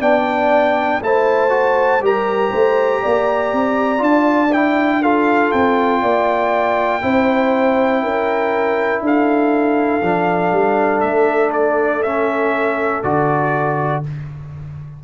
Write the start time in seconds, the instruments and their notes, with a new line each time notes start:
0.00 tuba B3, trombone D4, horn D5, trumpet G5
1.01 tuba A3, trombone E4, horn C5, trumpet A5
1.50 trombone F#4
2.00 tuba G3, trombone G4, horn A#4, trumpet A#5
2.51 tuba A3, horn C5
3.02 tuba A#3, horn D5
3.53 tuba C4
3.98 tuba D4, trombone F4, trumpet A5
4.53 trombone E4, trumpet G5
5.02 trombone F4, horn A4, trumpet F5
5.52 tuba C4, trumpet G5
6.02 tuba A#3, horn D5
7.02 tuba C4, trombone E4, horn C5
8.03 tuba C#4, horn A#4
9.01 tuba D4, horn A4, trumpet F5
10.03 tuba F3, trombone D4
10.52 tuba G3
11.01 tuba A3, trumpet E5
11.53 trumpet D5
12.03 trombone C#4, trumpet E5
13.04 tuba D3, trombone F#4, trumpet D5